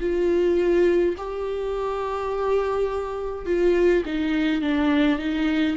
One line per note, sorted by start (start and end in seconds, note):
0.00 1.15 F4
1.17 3.46 G4
3.46 4.03 F4
4.05 4.61 D#4
4.61 5.19 D4
5.19 5.76 D#4